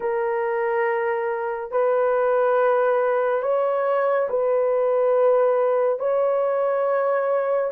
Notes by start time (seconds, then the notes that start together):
0.00 A#4
1.71 B4
3.42 C#5
4.29 B4
5.99 C#5